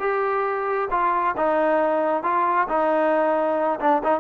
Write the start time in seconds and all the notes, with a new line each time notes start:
0.00 G4
0.91 F4
1.37 D#4
2.23 F4
2.69 D#4
3.80 D4
4.04 D#4